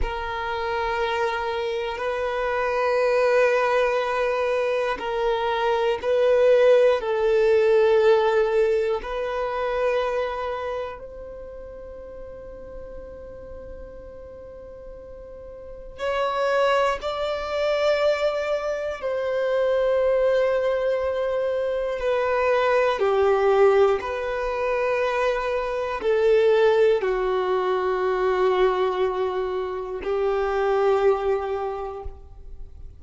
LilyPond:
\new Staff \with { instrumentName = "violin" } { \time 4/4 \tempo 4 = 60 ais'2 b'2~ | b'4 ais'4 b'4 a'4~ | a'4 b'2 c''4~ | c''1 |
cis''4 d''2 c''4~ | c''2 b'4 g'4 | b'2 a'4 fis'4~ | fis'2 g'2 | }